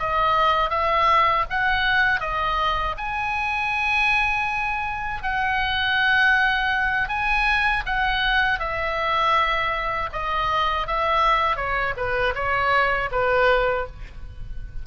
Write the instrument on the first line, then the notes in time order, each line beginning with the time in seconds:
oboe
0.00 D#5
0.70 E5
1.50 F#5
2.21 D#5
2.98 G#5
5.23 F#5
7.09 G#5
7.86 F#5
8.60 E5
10.13 D#5
10.87 E5
11.57 C#5
11.97 B4
12.35 C#5
13.12 B4